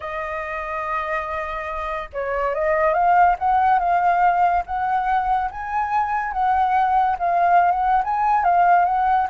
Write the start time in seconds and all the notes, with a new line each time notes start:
0.00 D#5
2.12 C#5
2.54 D#5
2.93 F5
3.38 F#5
3.79 F5
4.65 F#5
5.50 G#5
6.32 F#5
7.19 F5
7.71 F#5
8.04 G#5
8.44 F5
8.85 F#5